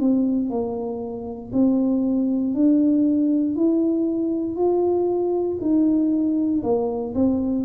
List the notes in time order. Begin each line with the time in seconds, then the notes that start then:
0.00 C4
0.49 A#3
1.53 C4
2.54 D4
3.56 E4
4.56 F4
5.61 D#4
6.63 A#3
7.15 C4